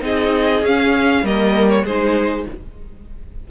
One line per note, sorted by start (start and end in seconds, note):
0.00 0.62 C4
0.00 0.61 D#4
0.00 1.25 G#4
0.00 0.66 D#5
0.62 1.23 C#4
0.62 1.25 C#4
0.62 1.26 F5
1.23 1.84 G3
1.23 1.86 A#3
1.23 1.84 A#4
1.23 1.70 D#5
1.70 1.85 C#5
1.84 2.46 G#3
1.84 2.51 D#4
1.84 2.45 G#4
1.84 2.48 C5